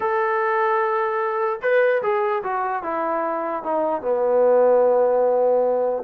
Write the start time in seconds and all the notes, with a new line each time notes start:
0.00 A4
1.61 B4
2.02 G#4
2.43 F#4
2.82 E4
3.63 D#4
4.01 B3